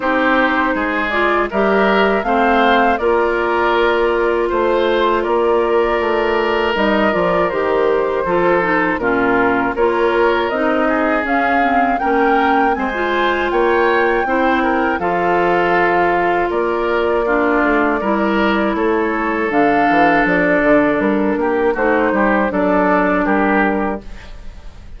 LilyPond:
<<
  \new Staff \with { instrumentName = "flute" } { \time 4/4 \tempo 4 = 80 c''4. d''8 e''4 f''4 | d''2 c''4 d''4~ | d''4 dis''8 d''8 c''2 | ais'4 cis''4 dis''4 f''4 |
g''4 gis''4 g''2 | f''2 d''2~ | d''4 cis''4 f''4 d''4 | ais'4 c''4 d''4 ais'4 | }
  \new Staff \with { instrumentName = "oboe" } { \time 4/4 g'4 gis'4 ais'4 c''4 | ais'2 c''4 ais'4~ | ais'2. a'4 | f'4 ais'4. gis'4. |
ais'4 c''4 cis''4 c''8 ais'8 | a'2 ais'4 f'4 | ais'4 a'2.~ | a'8 g'8 fis'8 g'8 a'4 g'4 | }
  \new Staff \with { instrumentName = "clarinet" } { \time 4/4 dis'4. f'8 g'4 c'4 | f'1~ | f'4 dis'8 f'8 g'4 f'8 dis'8 | cis'4 f'4 dis'4 cis'8 c'8 |
cis'4 c'16 f'4.~ f'16 e'4 | f'2. d'4 | e'2 d'2~ | d'4 dis'4 d'2 | }
  \new Staff \with { instrumentName = "bassoon" } { \time 4/4 c'4 gis4 g4 a4 | ais2 a4 ais4 | a4 g8 f8 dis4 f4 | ais,4 ais4 c'4 cis'4 |
ais4 gis4 ais4 c'4 | f2 ais4. a8 | g4 a4 d8 e8 f8 d8 | g8 ais8 a8 g8 fis4 g4 | }
>>